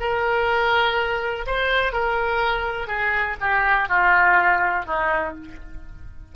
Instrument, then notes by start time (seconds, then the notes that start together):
oboe
0.00 A#4
1.47 C5
1.93 A#4
2.88 G#4
3.41 G4
3.89 F4
4.86 D#4